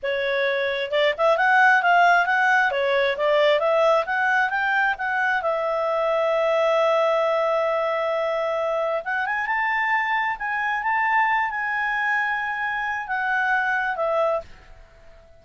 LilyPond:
\new Staff \with { instrumentName = "clarinet" } { \time 4/4 \tempo 4 = 133 cis''2 d''8 e''8 fis''4 | f''4 fis''4 cis''4 d''4 | e''4 fis''4 g''4 fis''4 | e''1~ |
e''1 | fis''8 gis''8 a''2 gis''4 | a''4. gis''2~ gis''8~ | gis''4 fis''2 e''4 | }